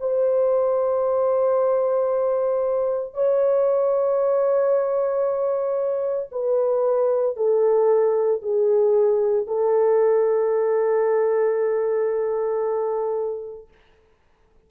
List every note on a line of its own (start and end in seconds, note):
0.00 3.14 C5
3.14 6.30 C#5
6.32 7.37 B4
7.37 8.42 A4
8.42 9.47 G#4
9.47 13.68 A4